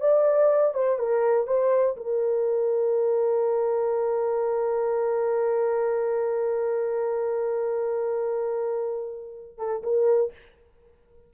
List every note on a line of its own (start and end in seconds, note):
0.00 0.74 D5
0.74 0.98 C5
0.98 1.47 A#4
1.47 1.96 C5
1.96 9.57 A#4
9.57 9.82 A4
9.83 10.32 A#4